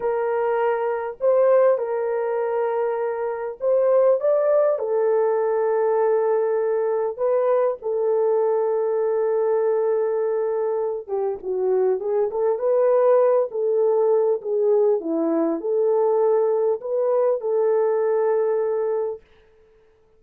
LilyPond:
\new Staff \with { instrumentName = "horn" } { \time 4/4 \tempo 4 = 100 ais'2 c''4 ais'4~ | ais'2 c''4 d''4 | a'1 | b'4 a'2.~ |
a'2~ a'8 g'8 fis'4 | gis'8 a'8 b'4. a'4. | gis'4 e'4 a'2 | b'4 a'2. | }